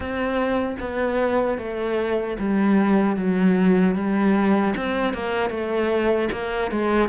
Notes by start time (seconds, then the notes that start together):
0.00 C4
0.80 B3
1.58 A3
2.39 G3
3.16 F#3
3.95 G3
4.76 C4
5.13 A#3
5.49 A3
6.32 A#3
6.71 G#3